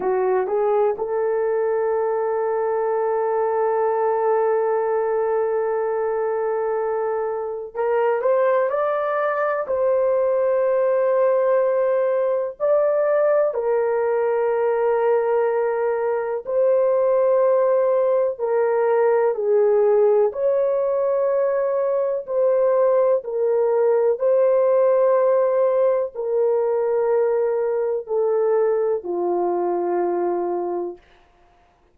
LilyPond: \new Staff \with { instrumentName = "horn" } { \time 4/4 \tempo 4 = 62 fis'8 gis'8 a'2.~ | a'1 | ais'8 c''8 d''4 c''2~ | c''4 d''4 ais'2~ |
ais'4 c''2 ais'4 | gis'4 cis''2 c''4 | ais'4 c''2 ais'4~ | ais'4 a'4 f'2 | }